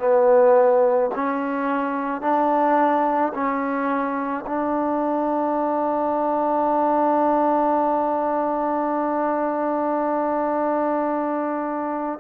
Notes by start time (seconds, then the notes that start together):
0.00 B3
1.16 C#4
2.22 D4
3.34 C#4
4.46 D4